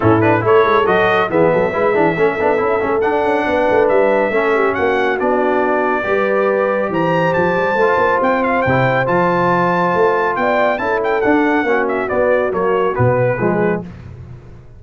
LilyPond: <<
  \new Staff \with { instrumentName = "trumpet" } { \time 4/4 \tempo 4 = 139 a'8 b'8 cis''4 dis''4 e''4~ | e''2. fis''4~ | fis''4 e''2 fis''4 | d''1 |
ais''4 a''2 g''8 f''8 | g''4 a''2. | g''4 a''8 g''8 fis''4. e''8 | d''4 cis''4 b'2 | }
  \new Staff \with { instrumentName = "horn" } { \time 4/4 e'4 a'2 gis'8 a'8 | b'8 gis'8 a'2. | b'2 a'8 g'8 fis'4~ | fis'2 b'2 |
c''1~ | c''1 | d''4 a'2 fis'4~ | fis'2. gis'4 | }
  \new Staff \with { instrumentName = "trombone" } { \time 4/4 cis'8 d'8 e'4 fis'4 b4 | e'8 d'8 cis'8 d'8 e'8 cis'8 d'4~ | d'2 cis'2 | d'2 g'2~ |
g'2 f'2 | e'4 f'2.~ | f'4 e'4 d'4 cis'4 | b4 ais4 b4 gis4 | }
  \new Staff \with { instrumentName = "tuba" } { \time 4/4 a,4 a8 gis8 fis4 e8 fis8 | gis8 e8 a8 b8 cis'8 a8 d'8 cis'8 | b8 a8 g4 a4 ais4 | b2 g2 |
e4 f8 g8 a8 ais8 c'4 | c4 f2 a4 | b4 cis'4 d'4 ais4 | b4 fis4 b,4 f4 | }
>>